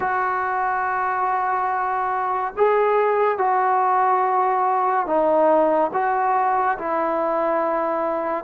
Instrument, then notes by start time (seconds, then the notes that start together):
trombone
0.00 F#4
2.56 G#4
3.38 F#4
5.06 D#4
5.93 F#4
6.78 E4